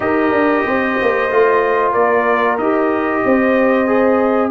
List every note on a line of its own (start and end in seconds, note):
0.00 0.31 D#4
0.00 1.29 G4
0.00 0.66 A#4
0.00 1.92 D#5
0.31 0.63 D4
0.66 0.98 C4
0.66 1.92 C5
1.02 1.31 A#3
1.30 1.94 A3
1.30 2.59 F4
1.92 2.58 A#3
1.92 3.21 A#4
1.92 2.57 D5
2.58 3.23 D#4
2.58 3.86 G4
2.58 4.51 D#5
3.24 4.51 C4
3.24 4.51 C5
3.86 4.51 G#4